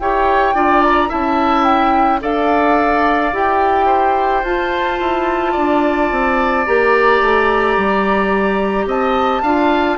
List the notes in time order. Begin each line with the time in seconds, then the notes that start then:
0.00 E4 G4 C#5 G5
0.55 D4 F4 D5
0.83 A#5
1.09 C#4 E4 E5 A5
1.64 G5
2.21 D4 A4 D5 F5
3.33 E4 G4 G5
3.86 C5
4.43 F4 A5
5.00 E4
5.52 D4 D5
6.11 C4
6.66 A#3 G4 A#5
7.21 A3
7.77 G3
8.86 C4 D#5 A5
9.42 D4 F4 F5